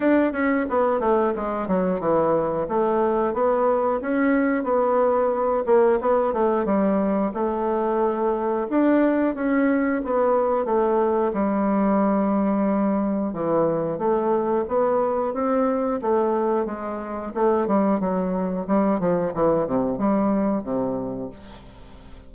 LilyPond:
\new Staff \with { instrumentName = "bassoon" } { \time 4/4 \tempo 4 = 90 d'8 cis'8 b8 a8 gis8 fis8 e4 | a4 b4 cis'4 b4~ | b8 ais8 b8 a8 g4 a4~ | a4 d'4 cis'4 b4 |
a4 g2. | e4 a4 b4 c'4 | a4 gis4 a8 g8 fis4 | g8 f8 e8 c8 g4 c4 | }